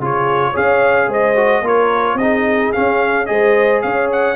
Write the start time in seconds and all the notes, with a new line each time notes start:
0.00 C#3 F4 G#4 C#5
0.51 C#4 G#4 C#5 F5
1.08 G#3 C5 D#5
1.36 F#4
1.62 A#3 F4 A#4 C#5
2.15 C4 D#5
2.21 D#4 G#4
2.73 C#4 F5
3.26 G#3 G#4 C5 D#5
3.82 C#4 C#5 F5
4.12 F#5